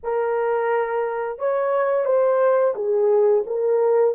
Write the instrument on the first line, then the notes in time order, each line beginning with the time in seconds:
horn
0.03 A#4
1.38 C#5
2.05 C5
2.75 G#4
3.46 A#4